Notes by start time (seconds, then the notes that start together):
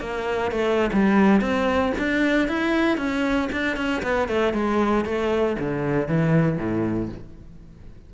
0.00 A#3
0.51 A3
0.93 G3
1.41 C4
1.98 D4
2.48 E4
2.97 C#4
3.52 D4
3.76 C#4
4.02 B3
4.28 A3
4.53 G#3
5.05 A3
5.59 D3
6.08 E3
6.57 A2